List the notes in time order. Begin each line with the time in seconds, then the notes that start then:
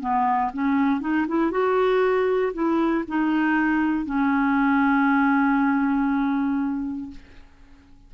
0.00 B3
0.53 C#4
1.00 D#4
1.28 E4
1.51 F#4
2.53 E4
3.07 D#4
4.05 C#4